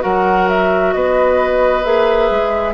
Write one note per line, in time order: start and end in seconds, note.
0.00 0.95 F#3
0.00 1.82 F#4
0.00 0.94 A#4
0.00 0.48 F#5
0.49 0.93 E5
0.93 1.85 B3
0.93 2.74 B4
0.93 1.84 D#5
1.84 2.30 A#3
1.84 2.74 G#4
1.84 2.74 E5
2.30 2.74 G#3